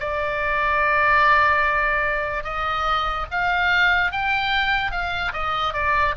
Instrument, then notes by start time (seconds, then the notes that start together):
oboe
0.00 D5
2.44 D#5
3.31 F5
4.12 G5
4.91 F5
5.33 D#5
5.74 D5